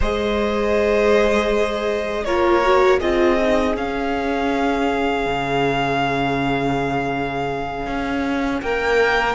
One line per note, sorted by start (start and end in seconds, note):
0.00 2.26 G#3
0.00 2.26 G#4
0.00 2.23 C5
0.00 2.24 D#5
2.24 3.01 A#3
2.24 2.62 F4
2.24 2.99 A#4
2.24 2.99 C#5
2.62 3.00 F#4
2.99 3.76 C4
2.99 3.39 F4
2.99 8.61 G#4
2.99 3.75 D#5
3.40 3.76 D#4
3.76 9.35 C#4
3.76 5.25 C#4
3.76 8.61 F5
5.25 7.86 C#3
7.86 8.61 C#4
8.61 9.35 A#3
8.61 9.35 A#4
8.61 9.35 G5